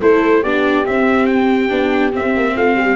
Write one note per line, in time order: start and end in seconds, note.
0.00 0.43 A3
0.00 0.44 E4
0.00 0.42 A4
0.00 0.43 C5
0.42 0.86 B3
0.42 0.84 D4
0.42 2.55 G4
0.42 0.85 D5
0.84 1.69 C4
0.84 1.71 C4
0.84 1.26 E5
1.26 2.11 G5
1.69 2.13 B3
1.69 2.11 D4
2.12 2.96 C4
2.12 2.57 E5
2.18 2.36 C4
2.36 2.56 A#3
2.56 2.75 A3
2.56 2.77 F4
2.56 2.96 F5
2.75 2.96 G3
2.75 2.96 G4